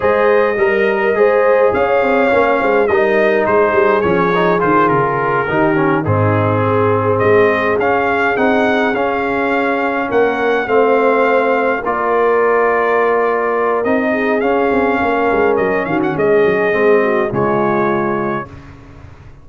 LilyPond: <<
  \new Staff \with { instrumentName = "trumpet" } { \time 4/4 \tempo 4 = 104 dis''2. f''4~ | f''4 dis''4 c''4 cis''4 | c''8 ais'2 gis'4.~ | gis'8 dis''4 f''4 fis''4 f''8~ |
f''4. fis''4 f''4.~ | f''8 d''2.~ d''8 | dis''4 f''2 dis''8 f''16 fis''16 | dis''2 cis''2 | }
  \new Staff \with { instrumentName = "horn" } { \time 4/4 c''4 ais'4 c''4 cis''4~ | cis''8 c''8 ais'4 gis'2~ | gis'4. g'4 dis'4 gis'8~ | gis'1~ |
gis'4. ais'4 c''4.~ | c''8 ais'2.~ ais'8~ | ais'8 gis'4. ais'4. fis'8 | gis'4. fis'8 f'2 | }
  \new Staff \with { instrumentName = "trombone" } { \time 4/4 gis'4 ais'4 gis'2 | cis'4 dis'2 cis'8 dis'8 | f'4. dis'8 cis'8 c'4.~ | c'4. cis'4 dis'4 cis'8~ |
cis'2~ cis'8 c'4.~ | c'8 f'2.~ f'8 | dis'4 cis'2.~ | cis'4 c'4 gis2 | }
  \new Staff \with { instrumentName = "tuba" } { \time 4/4 gis4 g4 gis4 cis'8 c'8 | ais8 gis8 g4 gis8 g8 f4 | dis8 cis4 dis4 gis,4.~ | gis,8 gis4 cis'4 c'4 cis'8~ |
cis'4. ais4 a4.~ | a8 ais2.~ ais8 | c'4 cis'8 c'8 ais8 gis8 fis8 dis8 | gis8 fis8 gis4 cis2 | }
>>